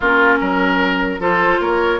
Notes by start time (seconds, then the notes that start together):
0.00 A#3 C#4 F4 A#4
0.40 F#3 A#4
1.19 F3 F4 A4 C5
1.60 A#3 A#4 C#5